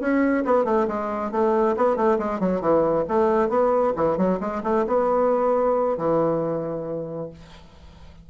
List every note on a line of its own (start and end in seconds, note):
0.00 0.44 C#4
0.45 0.65 B3
0.65 0.87 A3
0.87 1.31 G#3
1.31 1.75 A3
1.76 1.96 B3
1.96 2.18 A3
2.18 2.40 G#3
2.40 2.61 F#3
2.61 3.05 E3
3.08 3.49 A3
3.49 3.93 B3
3.96 4.17 E3
4.17 4.39 F#3
4.40 4.62 G#3
4.63 4.85 A3
4.87 5.97 B3
5.97 7.30 E3